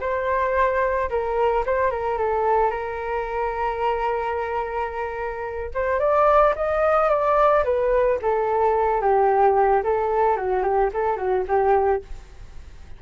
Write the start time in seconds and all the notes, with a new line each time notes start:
0.00 C5
1.10 A#4
1.66 C5
1.90 A#4
2.18 A4
2.71 A#4
5.74 C5
5.99 D5
6.56 D#5
7.09 D5
7.64 B4
8.22 A4
9.01 G4
9.84 A4
10.36 F#4
10.63 G4
10.93 A4
11.17 F#4
11.48 G4